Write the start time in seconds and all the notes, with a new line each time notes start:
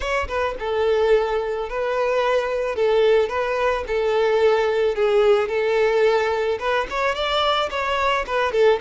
0.00 C#5
0.28 B4
0.59 A4
1.69 B4
2.75 A4
3.29 B4
3.87 A4
4.95 G#4
5.48 A4
6.59 B4
6.90 C#5
7.14 D5
7.70 C#5
8.26 B4
8.52 A4